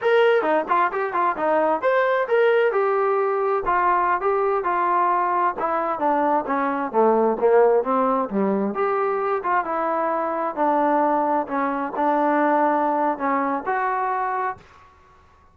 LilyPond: \new Staff \with { instrumentName = "trombone" } { \time 4/4 \tempo 4 = 132 ais'4 dis'8 f'8 g'8 f'8 dis'4 | c''4 ais'4 g'2 | f'4~ f'16 g'4 f'4.~ f'16~ | f'16 e'4 d'4 cis'4 a8.~ |
a16 ais4 c'4 g4 g'8.~ | g'8. f'8 e'2 d'8.~ | d'4~ d'16 cis'4 d'4.~ d'16~ | d'4 cis'4 fis'2 | }